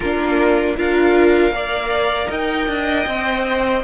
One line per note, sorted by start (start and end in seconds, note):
0.00 0.76 A#3
0.00 0.77 D4
0.00 0.76 F4
0.00 0.75 A#4
0.77 1.51 D4
0.77 1.53 F4
0.77 1.54 A#4
0.77 2.31 F5
1.51 2.28 A#3
1.51 3.06 A#4
1.51 2.29 D5
2.29 2.67 D#4
2.29 3.83 D#5
2.29 3.83 G5
2.67 3.06 D4
3.06 3.83 C4
3.06 3.83 C5